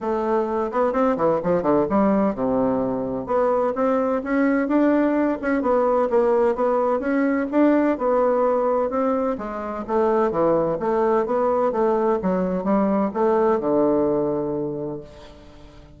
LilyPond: \new Staff \with { instrumentName = "bassoon" } { \time 4/4 \tempo 4 = 128 a4. b8 c'8 e8 f8 d8 | g4 c2 b4 | c'4 cis'4 d'4. cis'8 | b4 ais4 b4 cis'4 |
d'4 b2 c'4 | gis4 a4 e4 a4 | b4 a4 fis4 g4 | a4 d2. | }